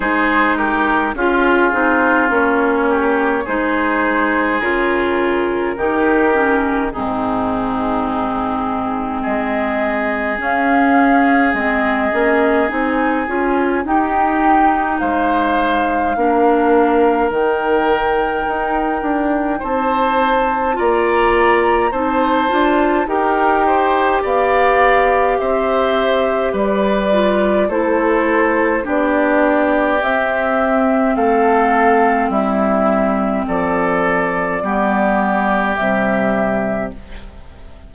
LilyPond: <<
  \new Staff \with { instrumentName = "flute" } { \time 4/4 \tempo 4 = 52 c''8 ais'8 gis'4 cis''4 c''4 | ais'2 gis'2 | dis''4 f''4 dis''4 gis''4 | g''4 f''2 g''4~ |
g''4 a''4 ais''4 a''4 | g''4 f''4 e''4 d''4 | c''4 d''4 e''4 f''4 | e''4 d''2 e''4 | }
  \new Staff \with { instrumentName = "oboe" } { \time 4/4 gis'8 g'8 f'4. g'8 gis'4~ | gis'4 g'4 dis'2 | gis'1 | g'4 c''4 ais'2~ |
ais'4 c''4 d''4 c''4 | ais'8 c''8 d''4 c''4 b'4 | a'4 g'2 a'4 | e'4 a'4 g'2 | }
  \new Staff \with { instrumentName = "clarinet" } { \time 4/4 dis'4 f'8 dis'8 cis'4 dis'4 | f'4 dis'8 cis'8 c'2~ | c'4 cis'4 c'8 cis'8 dis'8 f'8 | dis'2 d'4 dis'4~ |
dis'2 f'4 dis'8 f'8 | g'2.~ g'8 f'8 | e'4 d'4 c'2~ | c'2 b4 g4 | }
  \new Staff \with { instrumentName = "bassoon" } { \time 4/4 gis4 cis'8 c'8 ais4 gis4 | cis4 dis4 gis,2 | gis4 cis'4 gis8 ais8 c'8 cis'8 | dis'4 gis4 ais4 dis4 |
dis'8 d'8 c'4 ais4 c'8 d'8 | dis'4 b4 c'4 g4 | a4 b4 c'4 a4 | g4 f4 g4 c4 | }
>>